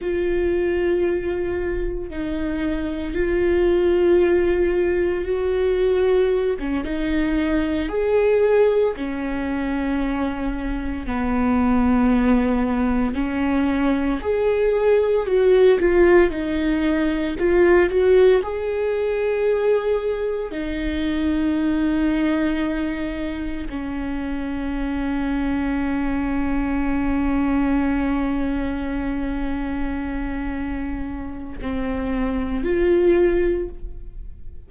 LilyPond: \new Staff \with { instrumentName = "viola" } { \time 4/4 \tempo 4 = 57 f'2 dis'4 f'4~ | f'4 fis'4~ fis'16 cis'16 dis'4 gis'8~ | gis'8 cis'2 b4.~ | b8 cis'4 gis'4 fis'8 f'8 dis'8~ |
dis'8 f'8 fis'8 gis'2 dis'8~ | dis'2~ dis'8 cis'4.~ | cis'1~ | cis'2 c'4 f'4 | }